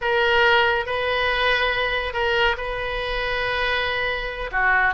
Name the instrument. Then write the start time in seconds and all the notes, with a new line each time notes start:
oboe
0.01 A#4
0.86 B4
2.13 A#4
2.57 B4
4.51 F#4